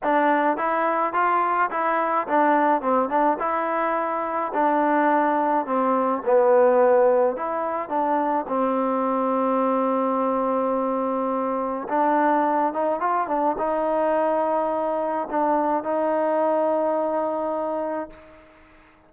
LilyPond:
\new Staff \with { instrumentName = "trombone" } { \time 4/4 \tempo 4 = 106 d'4 e'4 f'4 e'4 | d'4 c'8 d'8 e'2 | d'2 c'4 b4~ | b4 e'4 d'4 c'4~ |
c'1~ | c'4 d'4. dis'8 f'8 d'8 | dis'2. d'4 | dis'1 | }